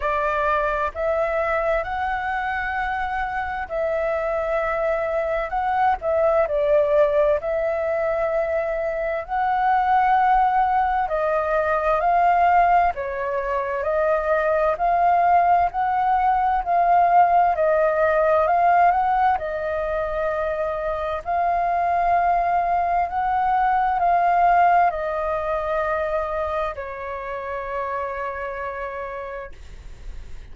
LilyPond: \new Staff \with { instrumentName = "flute" } { \time 4/4 \tempo 4 = 65 d''4 e''4 fis''2 | e''2 fis''8 e''8 d''4 | e''2 fis''2 | dis''4 f''4 cis''4 dis''4 |
f''4 fis''4 f''4 dis''4 | f''8 fis''8 dis''2 f''4~ | f''4 fis''4 f''4 dis''4~ | dis''4 cis''2. | }